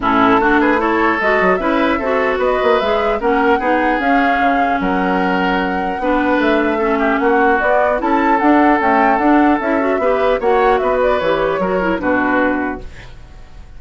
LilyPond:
<<
  \new Staff \with { instrumentName = "flute" } { \time 4/4 \tempo 4 = 150 a'4. b'8 cis''4 dis''4 | e''2 dis''4 e''4 | fis''2 f''2 | fis''1 |
e''2 fis''4 d''4 | a''4 fis''4 g''4 fis''4 | e''2 fis''4 e''8 d''8 | cis''2 b'2 | }
  \new Staff \with { instrumentName = "oboe" } { \time 4/4 e'4 fis'8 gis'8 a'2 | b'4 a'4 b'2 | ais'4 gis'2. | ais'2. b'4~ |
b'4 a'8 g'8 fis'2 | a'1~ | a'4 b'4 cis''4 b'4~ | b'4 ais'4 fis'2 | }
  \new Staff \with { instrumentName = "clarinet" } { \time 4/4 cis'4 d'4 e'4 fis'4 | e'4 fis'2 gis'4 | cis'4 dis'4 cis'2~ | cis'2. d'4~ |
d'4 cis'2 b4 | e'4 d'4 a4 d'4 | e'8 fis'8 g'4 fis'2 | g'4 fis'8 e'8 d'2 | }
  \new Staff \with { instrumentName = "bassoon" } { \time 4/4 a,4 a2 gis8 fis8 | cis'4 c'4 b8 ais8 gis4 | ais4 b4 cis'4 cis4 | fis2. b4 |
a2 ais4 b4 | cis'4 d'4 cis'4 d'4 | cis'4 b4 ais4 b4 | e4 fis4 b,2 | }
>>